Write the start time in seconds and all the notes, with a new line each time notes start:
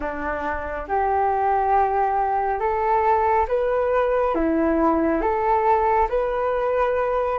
0.00 D4
0.87 G4
2.59 A4
3.47 B4
4.34 E4
5.21 A4
6.09 B4